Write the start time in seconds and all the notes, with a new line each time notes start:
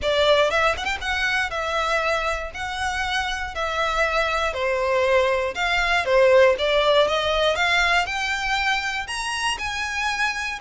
0.02 D5
0.50 E5
0.77 F#5
0.85 G5
1.01 F#5
1.50 E5
2.53 F#5
3.55 E5
4.53 C5
5.54 F5
6.05 C5
6.58 D5
7.07 D#5
7.55 F5
8.06 G5
9.07 A#5
9.58 G#5